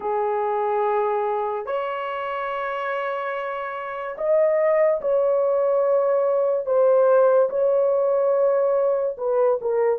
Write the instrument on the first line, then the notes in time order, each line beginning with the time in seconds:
horn
0.00 G#4
1.66 C#5
4.17 D#5
5.01 C#5
6.66 C5
7.49 C#5
9.17 B4
9.61 A#4